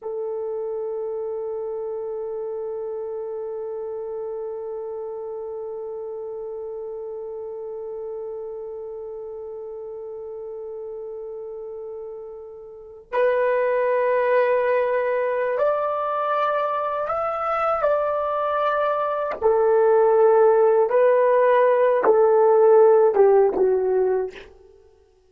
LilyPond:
\new Staff \with { instrumentName = "horn" } { \time 4/4 \tempo 4 = 79 a'1~ | a'1~ | a'1~ | a'1~ |
a'4~ a'16 b'2~ b'8.~ | b'8 d''2 e''4 d''8~ | d''4. a'2 b'8~ | b'4 a'4. g'8 fis'4 | }